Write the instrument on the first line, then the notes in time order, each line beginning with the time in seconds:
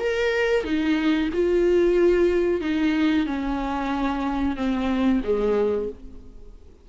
viola
0.00 A#4
0.65 D#4
1.33 F4
2.61 D#4
3.27 C#4
4.56 C4
5.24 G#3